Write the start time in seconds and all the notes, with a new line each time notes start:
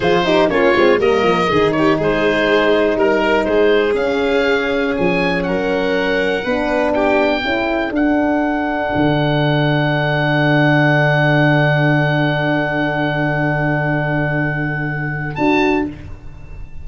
0.00 F3 F4 G#4 C5
0.25 D#4 G4
0.49 A#3 C#4 F4 C#5
0.76 G#3 C4
0.98 G3 A#3 A#4 D#5
1.23 F3
1.48 D#3 D#4 G#4
1.71 C#5
1.78 G4
1.98 G#3 G#4 C5
2.96 G3 A#4
3.44 G#3 G#4 C5
3.94 C#4 F5
4.96 F3 G#5
5.43 F#3 A#4 F#5
6.44 B3 D4 B4
6.93 G4 G5
7.43 C#4 E4 A4
7.90 D4 F#5
8.95 D3
15.35 D4 F#4 A5